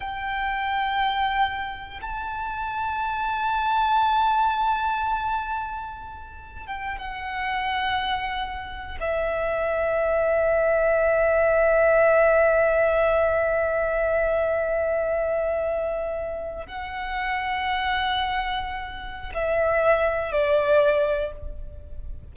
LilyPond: \new Staff \with { instrumentName = "violin" } { \time 4/4 \tempo 4 = 90 g''2. a''4~ | a''1~ | a''2 g''8 fis''4.~ | fis''4. e''2~ e''8~ |
e''1~ | e''1~ | e''4 fis''2.~ | fis''4 e''4. d''4. | }